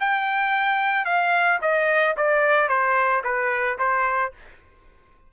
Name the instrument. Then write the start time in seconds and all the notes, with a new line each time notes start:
trumpet
0.00 G5
1.05 F5
1.62 D#5
2.17 D5
2.69 C5
3.24 B4
3.79 C5